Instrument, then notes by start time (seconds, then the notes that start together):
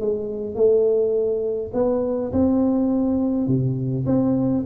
tuba
0.00 G#3
0.55 A3
1.73 B3
2.32 C4
3.47 C3
4.06 C4